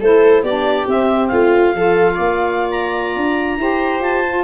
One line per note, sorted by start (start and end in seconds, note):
0.00 0.42 A3
0.00 0.46 E4
0.00 0.43 A4
0.00 0.44 C5
0.42 0.86 B3
0.42 0.87 D4
0.42 1.30 G4
0.42 0.87 D5
0.87 1.74 C4
0.87 1.31 C4
0.87 1.27 E5
1.27 1.74 A3
1.27 1.75 F4
1.27 2.69 F5
1.74 2.18 F3
1.74 3.59 F4
1.74 2.15 A4
2.15 3.16 A#3
2.15 3.56 D5
2.71 4.01 A#5
3.16 3.58 D4
3.58 4.00 E4
3.58 4.24 G4
3.58 4.43 C5
4.00 4.43 F4
4.00 4.43 A5
4.26 4.43 F4